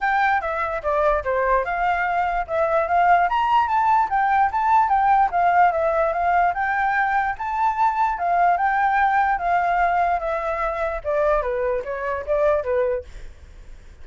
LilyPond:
\new Staff \with { instrumentName = "flute" } { \time 4/4 \tempo 4 = 147 g''4 e''4 d''4 c''4 | f''2 e''4 f''4 | ais''4 a''4 g''4 a''4 | g''4 f''4 e''4 f''4 |
g''2 a''2 | f''4 g''2 f''4~ | f''4 e''2 d''4 | b'4 cis''4 d''4 b'4 | }